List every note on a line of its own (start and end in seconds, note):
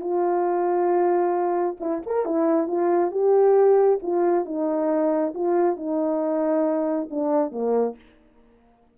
0.00 1.76 F4
1.79 2.02 E4
2.06 2.25 A#4
2.25 2.67 E4
2.67 3.11 F4
3.11 3.99 G4
4.02 4.45 F4
4.45 5.33 D#4
5.34 5.76 F4
5.76 7.08 D#4
7.10 7.51 D4
7.51 7.95 A#3